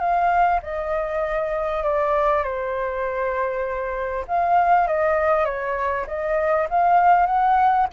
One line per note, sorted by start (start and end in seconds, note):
0.00 0.61 F5
0.63 1.84 D#5
1.84 2.44 D5
2.44 4.26 C5
4.28 4.88 F5
4.88 5.45 D#5
5.45 6.06 C#5
6.07 6.68 D#5
6.70 7.27 F5
7.27 7.87 F#5